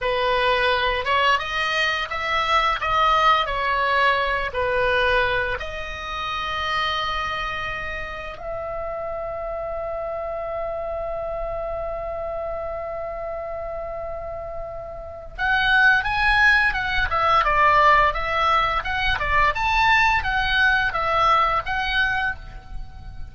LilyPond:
\new Staff \with { instrumentName = "oboe" } { \time 4/4 \tempo 4 = 86 b'4. cis''8 dis''4 e''4 | dis''4 cis''4. b'4. | dis''1 | e''1~ |
e''1~ | e''2 fis''4 gis''4 | fis''8 e''8 d''4 e''4 fis''8 d''8 | a''4 fis''4 e''4 fis''4 | }